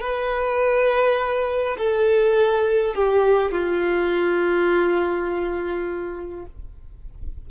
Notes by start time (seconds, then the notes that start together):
0.00 B4
1.78 A4
2.95 G4
3.51 F4